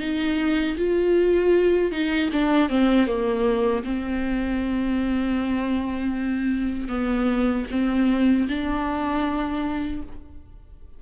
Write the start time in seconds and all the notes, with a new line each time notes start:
0.00 D#4
0.78 F4
1.92 D#4
2.33 D4
2.70 C4
3.07 A#3
3.85 C4
6.89 B3
7.71 C4
8.49 D4